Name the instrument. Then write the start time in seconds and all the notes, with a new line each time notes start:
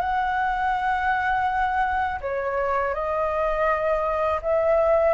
flute
0.00 F#5
2.21 C#5
2.94 D#5
4.42 E5